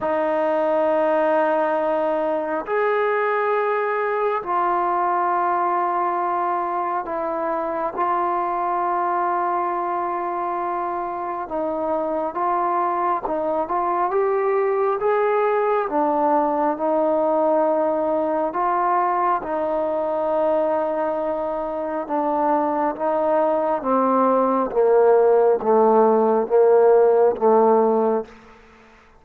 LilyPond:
\new Staff \with { instrumentName = "trombone" } { \time 4/4 \tempo 4 = 68 dis'2. gis'4~ | gis'4 f'2. | e'4 f'2.~ | f'4 dis'4 f'4 dis'8 f'8 |
g'4 gis'4 d'4 dis'4~ | dis'4 f'4 dis'2~ | dis'4 d'4 dis'4 c'4 | ais4 a4 ais4 a4 | }